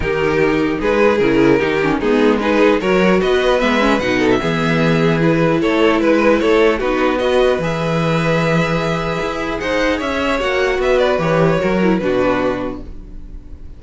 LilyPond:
<<
  \new Staff \with { instrumentName = "violin" } { \time 4/4 \tempo 4 = 150 ais'2 b'4 ais'4~ | ais'4 gis'4 b'4 cis''4 | dis''4 e''4 fis''8. e''4~ e''16~ | e''4 b'4 cis''4 b'4 |
cis''4 b'4 dis''4 e''4~ | e''1 | fis''4 e''4 fis''4 e''8 d''8 | cis''2 b'2 | }
  \new Staff \with { instrumentName = "violin" } { \time 4/4 g'2 gis'2 | g'4 dis'4 gis'4 ais'4 | b'2~ b'8 a'8 gis'4~ | gis'2 a'4 b'4 |
a'4 fis'4 b'2~ | b'1 | c''4 cis''2 b'4~ | b'4 ais'4 fis'2 | }
  \new Staff \with { instrumentName = "viola" } { \time 4/4 dis'2. e'4 | dis'8 cis'8 b4 dis'4 fis'4~ | fis'4 b8 cis'8 dis'4 b4~ | b4 e'2.~ |
e'4 dis'4 fis'4 gis'4~ | gis'1~ | gis'2 fis'2 | g'4 fis'8 e'8 d'2 | }
  \new Staff \with { instrumentName = "cello" } { \time 4/4 dis2 gis4 cis4 | dis4 gis2 fis4 | b4 gis4 b,4 e4~ | e2 a4 gis4 |
a4 b2 e4~ | e2. e'4 | dis'4 cis'4 ais4 b4 | e4 fis4 b,2 | }
>>